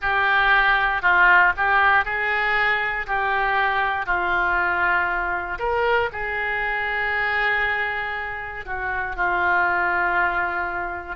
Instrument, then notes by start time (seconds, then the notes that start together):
oboe
0.01 G4
1.02 F4
1.57 G4
2.04 G#4
3.06 G4
4.05 F4
5.58 A#4
6.12 G#4
8.65 F#4
9.16 F4